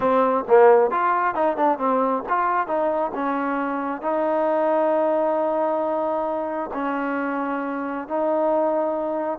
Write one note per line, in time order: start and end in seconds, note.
0.00 0.44 C4
0.47 0.90 A#3
0.90 1.35 F4
1.35 1.56 D#4
1.56 1.78 D4
1.78 2.23 C4
2.28 2.67 F4
2.67 3.11 D#4
3.14 4.01 C#4
4.01 6.70 D#4
6.73 8.07 C#4
8.07 9.39 D#4